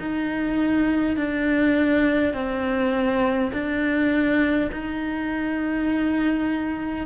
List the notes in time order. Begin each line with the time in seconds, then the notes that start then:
0.00 D#4
1.17 D4
2.34 C4
3.53 D4
4.72 D#4